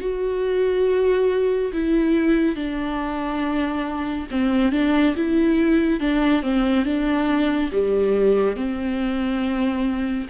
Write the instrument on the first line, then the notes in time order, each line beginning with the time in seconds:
viola
0.00 F#4
1.73 E4
2.55 D4
4.31 C4
4.72 D4
5.16 E4
6.00 D4
6.42 C4
6.85 D4
7.71 G3
8.56 C4